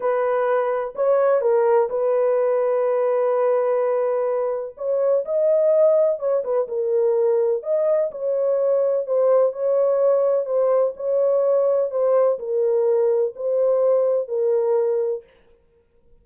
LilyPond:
\new Staff \with { instrumentName = "horn" } { \time 4/4 \tempo 4 = 126 b'2 cis''4 ais'4 | b'1~ | b'2 cis''4 dis''4~ | dis''4 cis''8 b'8 ais'2 |
dis''4 cis''2 c''4 | cis''2 c''4 cis''4~ | cis''4 c''4 ais'2 | c''2 ais'2 | }